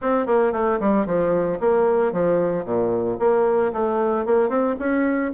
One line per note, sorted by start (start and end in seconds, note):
0.01 0.26 C4
0.26 0.52 A#3
0.52 0.79 A3
0.80 1.06 G3
1.06 1.59 F3
1.60 2.12 A#3
2.12 2.64 F3
2.64 3.17 A#2
3.19 3.72 A#3
3.73 4.25 A3
4.25 4.49 A#3
4.49 4.75 C4
4.79 5.32 C#4